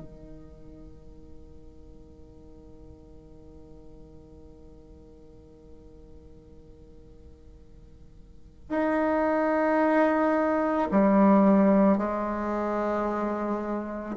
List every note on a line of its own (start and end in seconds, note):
0.00 8.69 D#3
8.69 10.87 D#4
10.91 11.98 G3
11.98 14.16 G#3